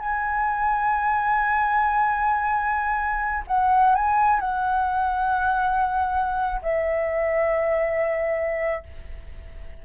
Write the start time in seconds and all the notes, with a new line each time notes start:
0.00 G#5
3.48 F#5
3.96 G#5
4.40 F#5
6.62 E5